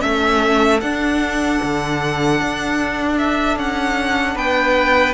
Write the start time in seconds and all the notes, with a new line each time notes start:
0.00 A3 C#4 A4 E5
0.80 D4 F#5
1.62 D3
2.41 D4
3.18 E5
3.56 C#4 F#5
4.35 B3 B4 G5